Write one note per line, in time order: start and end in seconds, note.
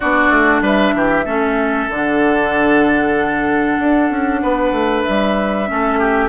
0.00 0.29 B3
0.00 1.26 D4
0.00 0.62 F#4
0.00 0.61 D5
0.29 0.61 A3
0.61 0.92 G3
0.61 0.94 B4
0.61 1.91 E5
0.93 1.25 E3
0.93 1.24 G4
1.24 1.88 A3
1.24 1.89 C#4
1.24 4.40 A4
1.89 3.78 D3
1.89 5.67 D4
1.89 5.03 F#5
3.79 4.09 D4
4.09 4.41 C#4
4.42 4.71 B3
4.42 5.68 B4
4.71 5.03 A3
5.03 5.70 G3
5.03 6.29 E5
5.67 6.29 A3
5.67 6.29 C#4
5.67 5.98 A4
5.98 6.29 G4